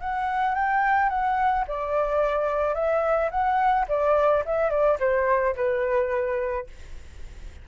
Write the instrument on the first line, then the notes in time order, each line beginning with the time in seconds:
flute
0.00 F#5
0.55 G5
1.09 F#5
1.67 D5
2.74 E5
3.30 F#5
3.88 D5
4.45 E5
4.70 D5
4.99 C5
5.55 B4